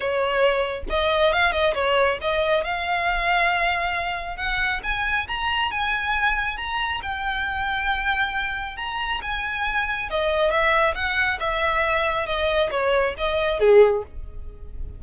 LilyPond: \new Staff \with { instrumentName = "violin" } { \time 4/4 \tempo 4 = 137 cis''2 dis''4 f''8 dis''8 | cis''4 dis''4 f''2~ | f''2 fis''4 gis''4 | ais''4 gis''2 ais''4 |
g''1 | ais''4 gis''2 dis''4 | e''4 fis''4 e''2 | dis''4 cis''4 dis''4 gis'4 | }